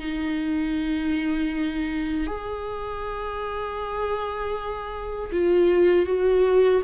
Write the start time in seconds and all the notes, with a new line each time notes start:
0.00 D#4
2.28 G#4
5.33 F4
6.06 F#4